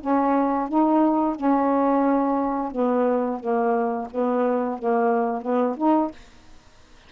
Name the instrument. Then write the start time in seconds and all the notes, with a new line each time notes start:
saxophone
0.00 C#4
0.68 D#4
1.36 C#4
2.71 B3
3.39 A#3
4.11 B3
4.78 A#3
5.42 B3
5.77 D#4